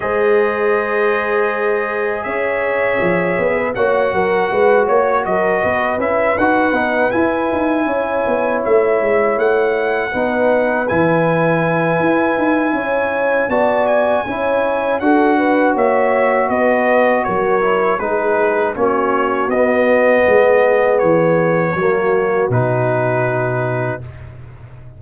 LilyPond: <<
  \new Staff \with { instrumentName = "trumpet" } { \time 4/4 \tempo 4 = 80 dis''2. e''4~ | e''4 fis''4. cis''8 dis''4 | e''8 fis''4 gis''2 e''8~ | e''8 fis''2 gis''4.~ |
gis''2 a''8 gis''4. | fis''4 e''4 dis''4 cis''4 | b'4 cis''4 dis''2 | cis''2 b'2 | }
  \new Staff \with { instrumentName = "horn" } { \time 4/4 c''2. cis''4~ | cis''8. b'16 cis''8 ais'8 b'8 cis''8 ais'8 b'8~ | b'2~ b'8 cis''4.~ | cis''4. b'2~ b'8~ |
b'4 cis''4 d''4 cis''4 | a'8 b'8 cis''4 b'4 ais'4 | gis'4 fis'2 gis'4~ | gis'4 fis'2. | }
  \new Staff \with { instrumentName = "trombone" } { \time 4/4 gis'1~ | gis'4 fis'2. | e'8 fis'8 dis'8 e'2~ e'8~ | e'4. dis'4 e'4.~ |
e'2 fis'4 e'4 | fis'2.~ fis'8 e'8 | dis'4 cis'4 b2~ | b4 ais4 dis'2 | }
  \new Staff \with { instrumentName = "tuba" } { \time 4/4 gis2. cis'4 | f8 b8 ais8 fis8 gis8 ais8 fis8 b8 | cis'8 dis'8 b8 e'8 dis'8 cis'8 b8 a8 | gis8 a4 b4 e4. |
e'8 dis'8 cis'4 b4 cis'4 | d'4 ais4 b4 fis4 | gis4 ais4 b4 gis4 | e4 fis4 b,2 | }
>>